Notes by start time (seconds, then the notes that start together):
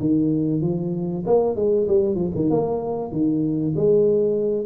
0.00 D#3
0.62 F3
1.26 A#3
1.56 G#3
1.88 G3
2.15 F3
2.35 D#3
2.50 A#3
3.12 D#3
3.76 G#3